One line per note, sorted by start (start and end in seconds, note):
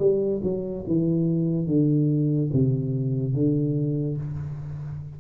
0.00 0.42 G3
0.44 0.85 F#3
0.87 1.67 E3
1.67 2.50 D3
2.53 3.34 C3
3.34 4.18 D3